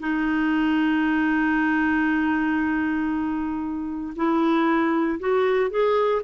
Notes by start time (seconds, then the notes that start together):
0.00 D#4
4.16 E4
5.19 F#4
5.70 G#4